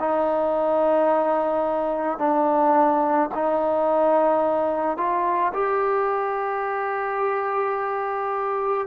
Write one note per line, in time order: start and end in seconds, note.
0.00 2.19 D#4
2.19 3.30 D4
3.35 4.97 D#4
4.97 5.53 F4
5.54 8.87 G4